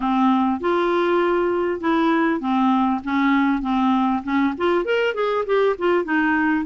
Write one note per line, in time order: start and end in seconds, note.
0.00 0.60 C4
0.60 1.80 F4
1.80 2.40 E4
2.40 3.01 C4
3.04 3.62 C#4
3.62 4.22 C4
4.23 4.53 C#4
4.57 4.84 F4
4.84 5.14 A#4
5.14 5.44 G#4
5.45 5.76 G4
5.78 6.04 F4
6.04 6.65 D#4